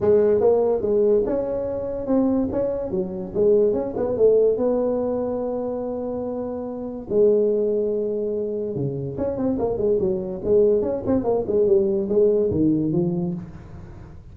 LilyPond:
\new Staff \with { instrumentName = "tuba" } { \time 4/4 \tempo 4 = 144 gis4 ais4 gis4 cis'4~ | cis'4 c'4 cis'4 fis4 | gis4 cis'8 b8 a4 b4~ | b1~ |
b4 gis2.~ | gis4 cis4 cis'8 c'8 ais8 gis8 | fis4 gis4 cis'8 c'8 ais8 gis8 | g4 gis4 dis4 f4 | }